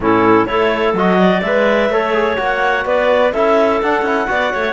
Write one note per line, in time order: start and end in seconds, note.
0.00 0.43 A2
0.00 0.47 C#4
0.00 0.48 E4
0.00 0.46 A4
0.46 0.93 A3
0.46 0.95 E4
0.46 1.18 A4
0.46 0.93 C#5
0.93 1.40 F#3
0.93 1.44 F#4
0.93 1.41 D#5
1.18 1.90 D5
1.41 1.89 G#3
1.41 1.91 B4
1.41 2.36 E5
1.89 2.37 A3
1.89 2.12 A4
1.89 2.86 C#5
2.12 2.36 G#4
2.36 2.85 A#3
2.36 3.31 F#4
2.42 2.86 F#5
2.85 3.32 B3
2.85 3.33 B4
2.85 3.32 D5
3.32 3.81 C#4
3.32 3.83 E4
3.32 4.28 A4
3.32 3.80 E5
3.82 4.02 D4
3.82 4.04 D4
3.82 4.73 F#5
4.02 4.25 C#4
4.02 4.27 E4
4.27 4.53 B3
4.27 4.73 F#4
4.27 4.53 D5
4.53 4.73 A3
4.53 4.73 C#5